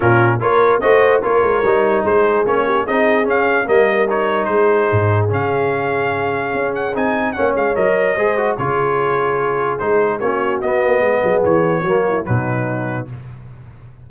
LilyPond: <<
  \new Staff \with { instrumentName = "trumpet" } { \time 4/4 \tempo 4 = 147 ais'4 cis''4 dis''4 cis''4~ | cis''4 c''4 cis''4 dis''4 | f''4 dis''4 cis''4 c''4~ | c''4 f''2.~ |
f''8 fis''8 gis''4 fis''8 f''8 dis''4~ | dis''4 cis''2. | c''4 cis''4 dis''2 | cis''2 b'2 | }
  \new Staff \with { instrumentName = "horn" } { \time 4/4 f'4 ais'4 c''4 ais'4~ | ais'4 gis'4. g'8 gis'4~ | gis'4 ais'2 gis'4~ | gis'1~ |
gis'2 cis''2 | c''4 gis'2.~ | gis'4 fis'2 gis'4~ | gis'4 fis'8 e'8 dis'2 | }
  \new Staff \with { instrumentName = "trombone" } { \time 4/4 cis'4 f'4 fis'4 f'4 | dis'2 cis'4 dis'4 | cis'4 ais4 dis'2~ | dis'4 cis'2.~ |
cis'4 dis'4 cis'4 ais'4 | gis'8 fis'8 f'2. | dis'4 cis'4 b2~ | b4 ais4 fis2 | }
  \new Staff \with { instrumentName = "tuba" } { \time 4/4 ais,4 ais4 a4 ais8 gis8 | g4 gis4 ais4 c'4 | cis'4 g2 gis4 | gis,4 cis2. |
cis'4 c'4 ais8 gis8 fis4 | gis4 cis2. | gis4 ais4 b8 ais8 gis8 fis8 | e4 fis4 b,2 | }
>>